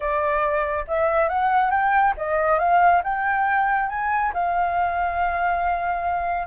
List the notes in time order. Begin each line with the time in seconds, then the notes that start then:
0.00 D5
0.87 E5
1.28 F#5
1.71 G5
2.17 D#5
2.59 F5
3.03 G5
3.89 G#5
4.33 F5